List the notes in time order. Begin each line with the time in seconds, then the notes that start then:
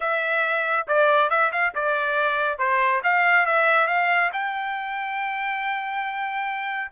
0.00 E5
0.87 D5
1.30 E5
1.51 F5
1.74 D5
2.58 C5
3.03 F5
3.46 E5
3.87 F5
4.32 G5